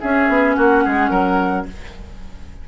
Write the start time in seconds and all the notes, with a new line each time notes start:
0.00 C#4 G#4 E5
0.28 B3
0.54 A#3 F#4 F#5
0.84 G#3 G#4
1.09 F#3 A#4